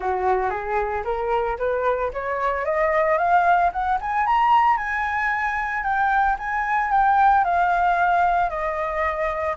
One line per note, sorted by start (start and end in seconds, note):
0.00 0.50 F#4
0.50 1.03 G#4
1.04 1.57 A#4
1.58 2.11 B4
2.13 2.65 C#5
2.65 3.18 D#5
3.18 3.71 F5
3.72 3.98 F#5
4.00 4.26 G#5
4.26 4.77 A#5
4.77 5.83 G#5
5.83 6.36 G5
6.38 6.91 G#5
6.91 7.44 G5
7.44 8.49 F5
8.49 9.55 D#5